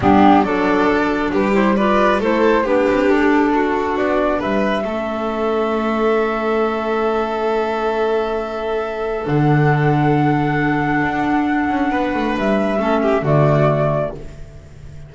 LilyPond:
<<
  \new Staff \with { instrumentName = "flute" } { \time 4/4 \tempo 4 = 136 g'4 d''2 b'8 c''8 | d''4 c''4 b'4 a'4~ | a'4 d''4 e''2~ | e''1~ |
e''1~ | e''4 fis''2.~ | fis''1 | e''2 d''2 | }
  \new Staff \with { instrumentName = "violin" } { \time 4/4 d'4 a'2 g'4 | b'4 a'4 g'2 | fis'2 b'4 a'4~ | a'1~ |
a'1~ | a'1~ | a'2. b'4~ | b'4 a'8 g'8 fis'2 | }
  \new Staff \with { instrumentName = "clarinet" } { \time 4/4 b4 d'2~ d'8 e'8 | f'4 e'4 d'2~ | d'2. cis'4~ | cis'1~ |
cis'1~ | cis'4 d'2.~ | d'1~ | d'4 cis'4 a2 | }
  \new Staff \with { instrumentName = "double bass" } { \time 4/4 g4 fis2 g4~ | g4 a4 b8 c'8 d'4~ | d'4 b4 g4 a4~ | a1~ |
a1~ | a4 d2.~ | d4 d'4. cis'8 b8 a8 | g4 a4 d2 | }
>>